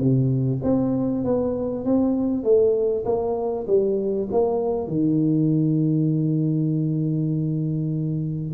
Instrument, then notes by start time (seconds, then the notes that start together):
tuba
0.00 C3
0.64 C4
1.25 B3
1.85 C4
2.44 A3
3.06 A#3
3.68 G3
4.32 A#3
4.88 D#3